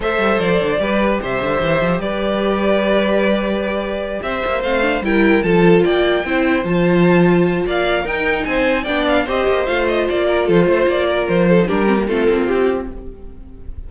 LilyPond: <<
  \new Staff \with { instrumentName = "violin" } { \time 4/4 \tempo 4 = 149 e''4 d''2 e''4~ | e''4 d''2.~ | d''2~ d''8 e''4 f''8~ | f''8 g''4 a''4 g''4.~ |
g''8 a''2~ a''8 f''4 | g''4 gis''4 g''8 f''8 dis''4 | f''8 dis''8 d''4 c''4 d''4 | c''4 ais'4 a'4 g'4 | }
  \new Staff \with { instrumentName = "violin" } { \time 4/4 c''2 b'4 c''4~ | c''4 b'2.~ | b'2~ b'8 c''4.~ | c''8 ais'4 a'4 d''4 c''8~ |
c''2. d''4 | ais'4 c''4 d''4 c''4~ | c''4. ais'8 a'8 c''4 ais'8~ | ais'8 a'8 g'4 f'2 | }
  \new Staff \with { instrumentName = "viola" } { \time 4/4 a'2 g'2~ | g'1~ | g'2.~ g'8 c'8 | d'8 e'4 f'2 e'8~ |
e'8 f'2.~ f'8 | dis'2 d'4 g'4 | f'1~ | f'8. dis'16 d'8 c'16 ais16 c'2 | }
  \new Staff \with { instrumentName = "cello" } { \time 4/4 a8 g8 f8 d8 g4 c8 d8 | e8 f8 g2.~ | g2~ g8 c'8 ais8 a8~ | a8 g4 f4 ais4 c'8~ |
c'8 f2~ f8 ais4 | dis'4 c'4 b4 c'8 ais8 | a4 ais4 f8 a8 ais4 | f4 g4 a8 ais8 c'4 | }
>>